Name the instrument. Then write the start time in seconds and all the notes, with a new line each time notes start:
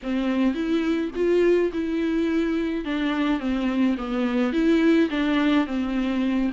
viola
0.02 C4
0.54 E4
1.15 F4
1.73 E4
2.85 D4
3.39 C4
3.97 B3
4.52 E4
5.10 D4
5.66 C4